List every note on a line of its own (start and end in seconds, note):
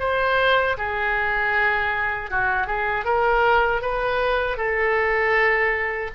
0.00 0.77 C5
0.78 2.31 G#4
2.31 2.67 F#4
2.67 3.05 G#4
3.05 3.82 A#4
3.82 4.57 B4
4.57 6.11 A4